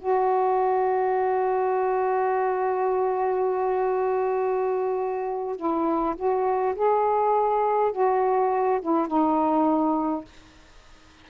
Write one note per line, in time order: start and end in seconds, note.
0.00 5.57 F#4
5.57 6.16 E4
6.16 6.75 F#4
6.75 7.92 G#4
7.92 8.80 F#4
8.82 9.07 E4
9.07 10.25 D#4